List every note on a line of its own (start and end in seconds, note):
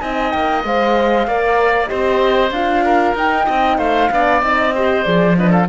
0.00 0.34 C4
0.00 0.64 D#4
0.00 1.28 D#5
0.00 0.31 G#5
0.31 0.64 A#3
0.31 0.63 G5
0.64 1.27 G#3
0.64 1.28 C5
0.64 1.87 F5
1.27 1.90 A#3
1.27 1.87 A#4
1.27 1.90 D5
1.87 2.51 C4
1.87 2.50 G4
1.87 2.85 C5
1.87 2.51 D#5
2.51 3.14 D4
2.51 3.17 F4
2.51 3.15 F5
2.86 3.46 A#4
3.15 3.47 D#4
3.15 4.12 D#4
3.15 3.79 G5
3.46 3.78 C4
3.46 3.78 D#5
3.78 4.10 A3
3.78 4.10 C5
3.78 4.42 F5
4.11 4.42 B3
4.11 4.43 D4
4.11 4.75 D5
4.42 5.06 C4
4.42 4.75 D#4
4.42 5.04 D#5
4.75 5.04 G4
4.75 5.38 C5
5.04 5.69 F3
5.04 5.36 G#4
5.04 5.36 D5
5.38 5.69 D4
5.38 5.50 B4
5.38 5.52 D#5
5.50 5.66 A4
5.50 5.68 F5